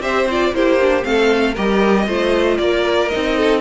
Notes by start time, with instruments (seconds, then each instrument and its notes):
0.00 cello C4, viola G4, violin C5 E5
0.30 viola F4, violin D5
0.52 cello A#3, viola E4, violin G4 C5
0.81 viola D4
1.02 cello A3, viola C4, violin A4 F5
1.54 cello G3, viola G4, violin A#4 D#5
2.07 cello A3, viola F4, violin C5
2.57 cello A#3, violin A#4 D5
3.09 viola D#4, violin D#5
3.15 cello C4
3.37 violin A4